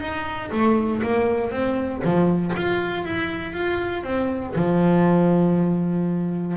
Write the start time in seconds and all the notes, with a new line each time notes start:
0.00 D#4
0.51 A3
1.03 A#3
1.51 C4
2.04 F3
2.56 F4
3.04 E4
3.53 F4
4.04 C4
4.55 F3